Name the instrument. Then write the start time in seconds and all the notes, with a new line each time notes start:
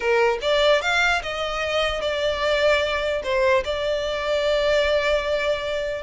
violin
0.00 A#4
0.41 D5
0.81 F5
1.22 D#5
2.01 D5
3.23 C5
3.64 D5